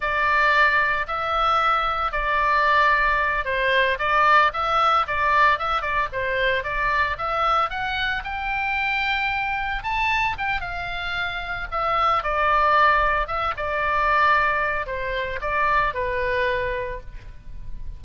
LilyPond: \new Staff \with { instrumentName = "oboe" } { \time 4/4 \tempo 4 = 113 d''2 e''2 | d''2~ d''8 c''4 d''8~ | d''8 e''4 d''4 e''8 d''8 c''8~ | c''8 d''4 e''4 fis''4 g''8~ |
g''2~ g''8 a''4 g''8 | f''2 e''4 d''4~ | d''4 e''8 d''2~ d''8 | c''4 d''4 b'2 | }